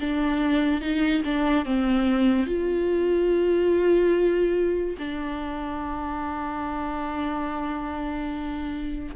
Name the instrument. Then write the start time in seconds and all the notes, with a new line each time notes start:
viola
0.00 D4
0.81 D#4
1.24 D4
1.65 C4
2.46 F4
4.98 D4